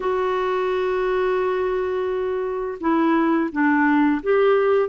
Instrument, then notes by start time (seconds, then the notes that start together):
clarinet
0.00 F#4
2.80 E4
3.51 D4
4.22 G4